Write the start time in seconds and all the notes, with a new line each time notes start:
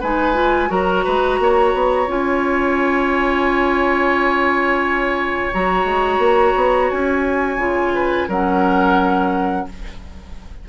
0.00 G#3 D#4 B4 G#5
0.34 F4
0.68 F#3 F#4 A#4 A#5
1.04 G#3 B4
1.39 A#3 C#5
1.74 B3
2.07 C#4 F4 G#5
5.53 F#3 F#4 A#5
5.84 G#3
6.18 A#3
6.56 B3
6.90 C#4 G#5
7.56 C#3 F4
7.94 B4
8.28 F#3 C#4 A#4 F#5